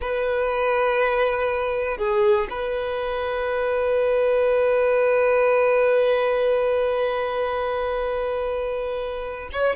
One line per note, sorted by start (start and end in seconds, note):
0.01 1.97 B4
1.97 2.47 G#4
2.50 9.50 B4
9.52 9.76 C#5